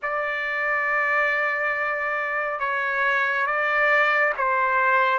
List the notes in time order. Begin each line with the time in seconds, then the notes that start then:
0.02 D5
2.59 C#5
3.46 D5
4.37 C5